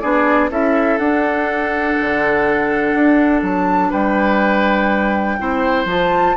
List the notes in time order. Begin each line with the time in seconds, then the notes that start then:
0.00 B3 D4 G#4 D5
0.50 C#4 E4 A4 E5
0.97 D4 F#5
2.00 D3
2.94 D4
3.42 F#3 A5
3.90 G3 B4 G5
5.39 C4 E4 C5
5.85 F3 F4 A5